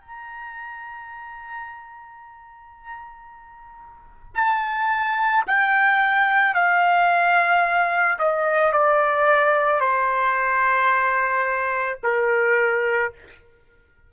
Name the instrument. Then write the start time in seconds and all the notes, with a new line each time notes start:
trumpet
0.00 A#5
4.35 A5
5.46 G5
6.54 F5
8.18 D#5
8.72 D5
9.80 C5
12.03 A#4